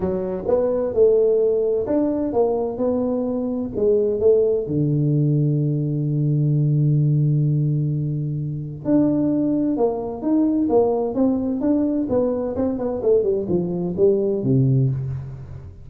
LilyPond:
\new Staff \with { instrumentName = "tuba" } { \time 4/4 \tempo 4 = 129 fis4 b4 a2 | d'4 ais4 b2 | gis4 a4 d2~ | d1~ |
d2. d'4~ | d'4 ais4 dis'4 ais4 | c'4 d'4 b4 c'8 b8 | a8 g8 f4 g4 c4 | }